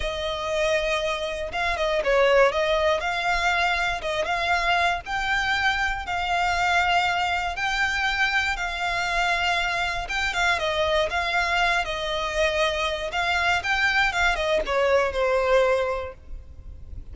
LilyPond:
\new Staff \with { instrumentName = "violin" } { \time 4/4 \tempo 4 = 119 dis''2. f''8 dis''8 | cis''4 dis''4 f''2 | dis''8 f''4. g''2 | f''2. g''4~ |
g''4 f''2. | g''8 f''8 dis''4 f''4. dis''8~ | dis''2 f''4 g''4 | f''8 dis''8 cis''4 c''2 | }